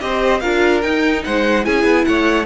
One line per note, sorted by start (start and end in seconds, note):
0.00 0.42 C4
0.00 0.41 G4
0.00 0.42 C5
0.00 0.40 D#5
0.40 0.84 D4
0.40 0.83 F4
0.40 1.24 A#4
0.40 0.81 F5
0.82 1.24 D#4
0.82 1.63 D#4
0.82 1.22 G5
1.24 1.66 G#3
1.24 1.66 C5
1.24 1.65 F#5
1.63 1.84 C#4
1.63 2.45 E4
1.63 2.06 G#4
1.63 2.05 G#5
1.84 2.04 B3
2.05 2.46 A3
2.05 2.46 C#5
2.05 2.45 F#5